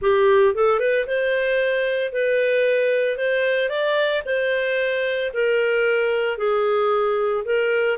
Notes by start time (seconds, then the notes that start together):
0.01 G4
0.54 A4
0.79 B4
1.06 C5
2.12 B4
3.17 C5
3.69 D5
4.25 C5
5.33 A#4
6.37 G#4
7.44 A#4